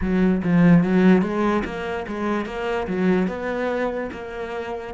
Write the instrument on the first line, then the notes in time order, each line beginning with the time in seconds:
cello
0.01 F#3
0.43 F3
0.83 F#3
1.22 G#3
1.64 A#3
2.07 G#3
2.45 A#3
2.87 F#3
3.27 B3
4.11 A#3